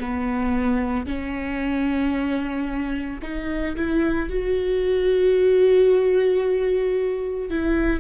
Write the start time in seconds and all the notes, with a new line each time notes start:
0.00 B3
1.07 C#4
3.22 D#4
3.76 E4
4.30 F#4
7.50 E4